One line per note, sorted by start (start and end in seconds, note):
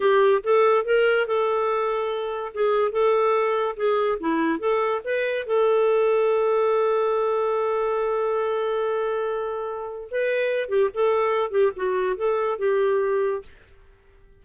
0.00 0.42 G4
0.43 0.84 A4
0.84 1.26 A#4
1.26 2.52 A4
2.53 2.91 G#4
2.91 3.75 A4
3.76 4.18 G#4
4.20 4.59 E4
4.59 5.01 A4
5.04 5.46 B4
5.46 10.08 A4
10.10 10.68 B4
10.68 10.89 G4
10.94 11.50 A4
11.50 11.71 G4
11.75 12.16 F#4
12.16 12.58 A4
12.58 13.42 G4